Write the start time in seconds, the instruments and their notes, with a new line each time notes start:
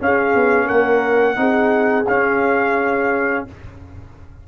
0.00 trombone C#4, tuba C#4, horn G#4, trumpet F5
0.34 tuba B3
0.67 tuba A#3, horn A#4, trumpet F#5
1.35 tuba C4, trombone D#4, horn G#4
2.07 tuba C#4, trombone C#4, trumpet F5